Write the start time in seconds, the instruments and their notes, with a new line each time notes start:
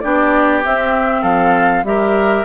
0.00 bassoon B3, clarinet D4, oboe G4, flute D5
0.64 clarinet C4, bassoon C4, flute E5
1.21 bassoon F3, oboe A4, flute F5
1.83 bassoon G3, clarinet G4, oboe A#4, flute E5